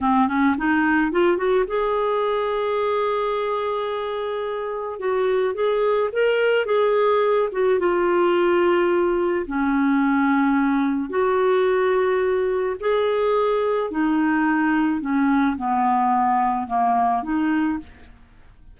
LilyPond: \new Staff \with { instrumentName = "clarinet" } { \time 4/4 \tempo 4 = 108 c'8 cis'8 dis'4 f'8 fis'8 gis'4~ | gis'1~ | gis'4 fis'4 gis'4 ais'4 | gis'4. fis'8 f'2~ |
f'4 cis'2. | fis'2. gis'4~ | gis'4 dis'2 cis'4 | b2 ais4 dis'4 | }